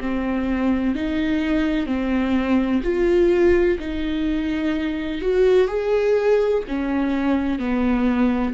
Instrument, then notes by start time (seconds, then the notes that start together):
viola
0.00 C4
0.95 D#4
1.86 C4
2.83 F4
3.79 D#4
5.21 F#4
5.68 G#4
6.68 C#4
7.59 B3